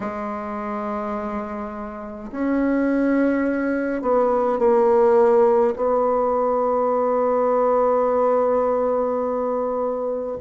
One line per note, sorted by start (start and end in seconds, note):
0.00 2.30 G#3
2.31 4.01 C#4
4.01 4.58 B3
4.58 5.74 A#3
5.76 10.37 B3